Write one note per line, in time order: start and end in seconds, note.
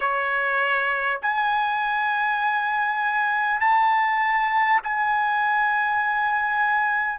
0.00 1.19 C#5
1.22 3.60 G#5
3.60 4.80 A5
4.83 7.19 G#5